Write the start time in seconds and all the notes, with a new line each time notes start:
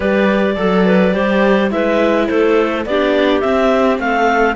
0.00 G3 G4 B4 D5
0.56 F#3 A4
0.85 B4
1.11 G3 G4 C5
1.70 G#3 E4 B4 E5
2.27 A3 A4 C5
2.85 B3 D4 G4 D5
3.40 C4 E5
3.99 A3 A4 F5